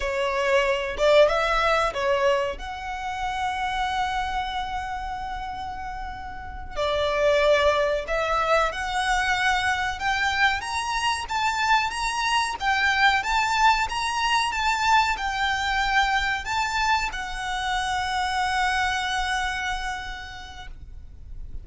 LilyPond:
\new Staff \with { instrumentName = "violin" } { \time 4/4 \tempo 4 = 93 cis''4. d''8 e''4 cis''4 | fis''1~ | fis''2~ fis''8 d''4.~ | d''8 e''4 fis''2 g''8~ |
g''8 ais''4 a''4 ais''4 g''8~ | g''8 a''4 ais''4 a''4 g''8~ | g''4. a''4 fis''4.~ | fis''1 | }